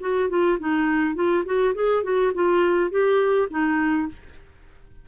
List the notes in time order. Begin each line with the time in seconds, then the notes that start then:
0.00 F#4
0.29 F4
0.59 D#4
1.15 F4
1.45 F#4
1.74 G#4
2.03 F#4
2.34 F4
2.90 G4
3.50 D#4